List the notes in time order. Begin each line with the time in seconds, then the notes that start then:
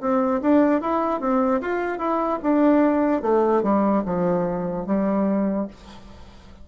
0.00 C4
0.41 D4
0.81 E4
1.20 C4
1.61 F4
1.98 E4
2.42 D4
3.22 A3
3.62 G3
4.05 F3
4.86 G3